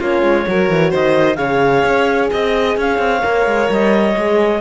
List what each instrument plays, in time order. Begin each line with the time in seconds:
0.00 cello A#3, horn C#4, violin F4, clarinet C#5
0.23 cello G#3
0.48 cello F#3, horn F#4, violin A#4
0.70 cello E3
0.91 cello D#3, violin C5, clarinet D#5
1.36 cello C#3, horn G#4, violin C#5, clarinet F5
1.84 cello C#4
2.32 cello C4, violin D#5, clarinet D#5
2.77 cello C#4, violin C#5, clarinet F5
2.99 cello C4
3.21 cello A#3, horn A#4
3.47 cello G#3
3.70 cello G3, clarinet D#5
4.17 cello G#3, horn G#4